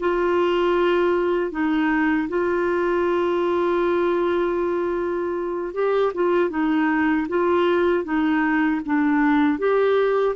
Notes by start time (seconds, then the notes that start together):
0.00 F4
1.51 D#4
2.29 F4
5.74 G4
6.14 F4
6.50 D#4
7.29 F4
8.04 D#4
8.85 D4
9.59 G4